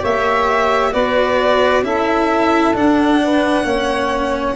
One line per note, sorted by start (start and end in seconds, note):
0.00 0.94 A#3
0.00 0.91 G4
0.00 0.91 C#5
0.00 0.93 E5
0.92 1.83 B3
0.92 1.83 F#4
0.92 1.84 B4
0.92 1.84 D5
1.83 2.74 C#4
1.83 2.74 E4
1.83 3.21 A4
1.83 2.76 E5
2.74 3.64 D4
2.74 4.56 F#5
3.23 3.65 B4
3.64 4.55 A#3
3.64 4.55 C#4
3.64 4.55 C#5